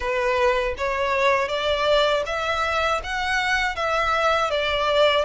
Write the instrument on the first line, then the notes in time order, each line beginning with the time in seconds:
violin
0.00 B4
0.77 C#5
1.48 D5
2.26 E5
3.03 F#5
3.75 E5
4.50 D5